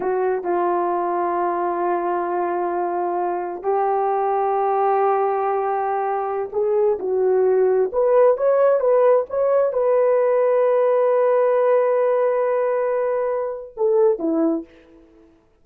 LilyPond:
\new Staff \with { instrumentName = "horn" } { \time 4/4 \tempo 4 = 131 fis'4 f'2.~ | f'1 | g'1~ | g'2~ g'16 gis'4 fis'8.~ |
fis'4~ fis'16 b'4 cis''4 b'8.~ | b'16 cis''4 b'2~ b'8.~ | b'1~ | b'2 a'4 e'4 | }